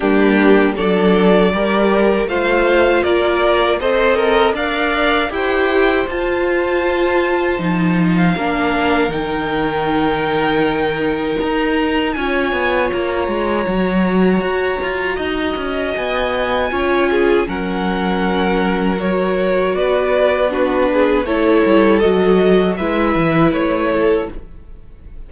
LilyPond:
<<
  \new Staff \with { instrumentName = "violin" } { \time 4/4 \tempo 4 = 79 g'4 d''2 f''4 | d''4 c''8 ais'8 f''4 g''4 | a''2~ a''8. f''4~ f''16 | g''2. ais''4 |
gis''4 ais''2.~ | ais''4 gis''2 fis''4~ | fis''4 cis''4 d''4 b'4 | cis''4 dis''4 e''4 cis''4 | }
  \new Staff \with { instrumentName = "violin" } { \time 4/4 d'4 a'4 ais'4 c''4 | ais'4 dis''4 d''4 c''4~ | c''2. ais'4~ | ais'1 |
cis''1 | dis''2 cis''8 gis'8 ais'4~ | ais'2 b'4 fis'8 gis'8 | a'2 b'4. a'8 | }
  \new Staff \with { instrumentName = "viola" } { \time 4/4 ais4 d'4 g'4 f'4~ | f'4 a'4 ais'4 g'4 | f'2 dis'4 d'4 | dis'1 |
f'2 fis'2~ | fis'2 f'4 cis'4~ | cis'4 fis'2 d'4 | e'4 fis'4 e'2 | }
  \new Staff \with { instrumentName = "cello" } { \time 4/4 g4 fis4 g4 a4 | ais4 c'4 d'4 e'4 | f'2 f4 ais4 | dis2. dis'4 |
cis'8 b8 ais8 gis8 fis4 fis'8 f'8 | dis'8 cis'8 b4 cis'4 fis4~ | fis2 b2 | a8 g8 fis4 gis8 e8 a4 | }
>>